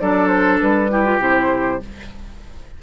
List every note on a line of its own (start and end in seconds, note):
0.00 0.61 F#3
0.00 0.90 D4
0.00 0.91 A4
0.00 0.28 D5
0.28 0.58 C5
0.60 1.19 G3
0.60 1.21 B4
0.90 1.04 E4
0.90 1.82 G4
1.04 1.20 F4
1.19 1.80 C3
1.19 1.80 E4
1.19 1.83 C5